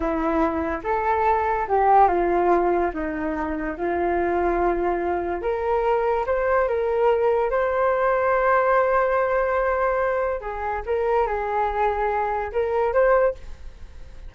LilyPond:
\new Staff \with { instrumentName = "flute" } { \time 4/4 \tempo 4 = 144 e'2 a'2 | g'4 f'2 dis'4~ | dis'4 f'2.~ | f'4 ais'2 c''4 |
ais'2 c''2~ | c''1~ | c''4 gis'4 ais'4 gis'4~ | gis'2 ais'4 c''4 | }